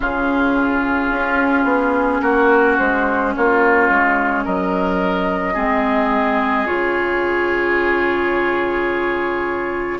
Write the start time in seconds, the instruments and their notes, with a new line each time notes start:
0.00 bassoon C#3, clarinet C#4, oboe F4, flute G#4
1.10 bassoon C#4
1.64 bassoon B3
2.21 bassoon A#3, oboe F#4, flute A#4
2.78 bassoon G#3, flute C5
3.34 bassoon A#3, oboe F4, flute C#5
3.89 bassoon G#3
4.44 bassoon F#3, oboe A#4, flute D#5
5.53 bassoon G#3, clarinet C4, oboe G#4
6.66 bassoon C#3, clarinet F4, flute C#5